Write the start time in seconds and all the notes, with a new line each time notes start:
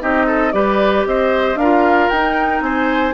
0.00 C4 D#4 G4 D#5
0.26 A4
0.52 G3 G4 B4 D5
1.06 C4 C5 D#5
1.55 D4 A#4 F5
1.62 F4
2.09 D#4 G5
2.61 C4 C5 G#5